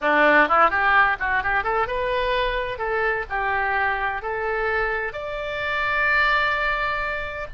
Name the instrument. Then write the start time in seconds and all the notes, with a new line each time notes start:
oboe
0.01 D4
0.48 E4
0.69 G4
1.19 F#4
1.43 G4
1.63 A4
1.87 B4
2.78 A4
3.29 G4
4.22 A4
5.12 D5